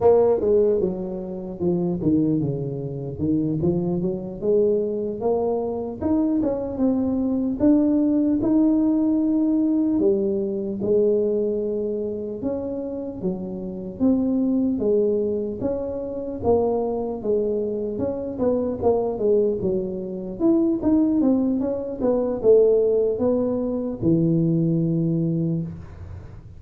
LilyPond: \new Staff \with { instrumentName = "tuba" } { \time 4/4 \tempo 4 = 75 ais8 gis8 fis4 f8 dis8 cis4 | dis8 f8 fis8 gis4 ais4 dis'8 | cis'8 c'4 d'4 dis'4.~ | dis'8 g4 gis2 cis'8~ |
cis'8 fis4 c'4 gis4 cis'8~ | cis'8 ais4 gis4 cis'8 b8 ais8 | gis8 fis4 e'8 dis'8 c'8 cis'8 b8 | a4 b4 e2 | }